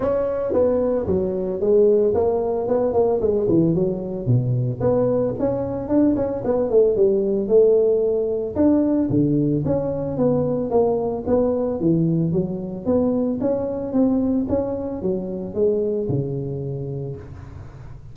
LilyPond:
\new Staff \with { instrumentName = "tuba" } { \time 4/4 \tempo 4 = 112 cis'4 b4 fis4 gis4 | ais4 b8 ais8 gis8 e8 fis4 | b,4 b4 cis'4 d'8 cis'8 | b8 a8 g4 a2 |
d'4 d4 cis'4 b4 | ais4 b4 e4 fis4 | b4 cis'4 c'4 cis'4 | fis4 gis4 cis2 | }